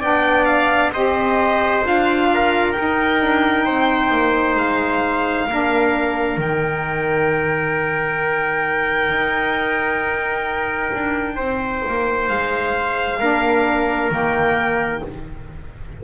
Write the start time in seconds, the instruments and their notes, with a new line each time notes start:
0.00 double bass B3, saxophone D4, trumpet D5, violin G5
0.45 violin F5
0.93 double bass C4, saxophone G4, trumpet C5, violin D#5
1.83 double bass D4, saxophone F4, violin F5
2.34 trumpet A#4
2.72 saxophone D#4, double bass D#4, violin G5
3.21 double bass D4
3.65 double bass C4, trumpet C5
4.10 double bass A#3
4.56 double bass G#3, violin F5
5.47 double bass A#3, saxophone D4, trumpet A#4
6.37 double bass D#3, saxophone D#4, violin G5
9.09 double bass D#4
10.93 double bass D4
11.36 double bass C4, trumpet C5
11.88 double bass A#3
12.28 double bass G#3, violin F5
13.20 double bass A#3, saxophone D4, trumpet A#4
14.10 double bass D#3, saxophone A#3, violin G5